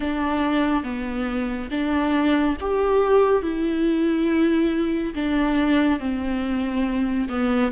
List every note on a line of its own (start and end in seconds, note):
0.00 0.83 D4
0.83 1.69 B3
1.71 2.56 D4
2.60 3.42 G4
3.42 5.14 E4
5.14 5.99 D4
5.99 7.28 C4
7.29 7.71 B3